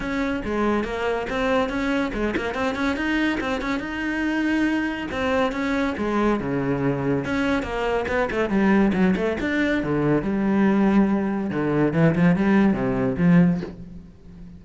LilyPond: \new Staff \with { instrumentName = "cello" } { \time 4/4 \tempo 4 = 141 cis'4 gis4 ais4 c'4 | cis'4 gis8 ais8 c'8 cis'8 dis'4 | c'8 cis'8 dis'2. | c'4 cis'4 gis4 cis4~ |
cis4 cis'4 ais4 b8 a8 | g4 fis8 a8 d'4 d4 | g2. d4 | e8 f8 g4 c4 f4 | }